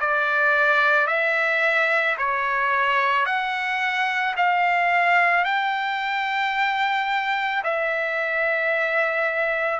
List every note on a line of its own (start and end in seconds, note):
0.00 1.07 D5
1.07 2.16 E5
2.18 3.26 C#5
3.26 4.35 F#5
4.36 5.44 F5
5.44 7.63 G5
7.64 9.80 E5